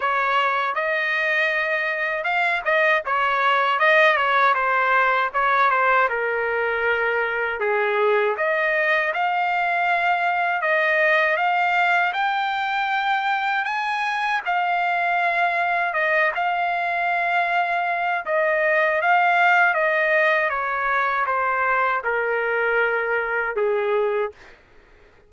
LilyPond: \new Staff \with { instrumentName = "trumpet" } { \time 4/4 \tempo 4 = 79 cis''4 dis''2 f''8 dis''8 | cis''4 dis''8 cis''8 c''4 cis''8 c''8 | ais'2 gis'4 dis''4 | f''2 dis''4 f''4 |
g''2 gis''4 f''4~ | f''4 dis''8 f''2~ f''8 | dis''4 f''4 dis''4 cis''4 | c''4 ais'2 gis'4 | }